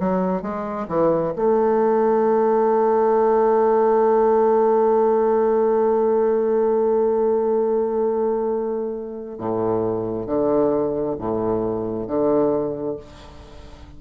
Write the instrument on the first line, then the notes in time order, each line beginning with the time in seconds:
bassoon
0.00 F#3
0.42 G#3
0.89 E3
1.36 A3
9.39 A2
10.27 D3
11.19 A2
12.07 D3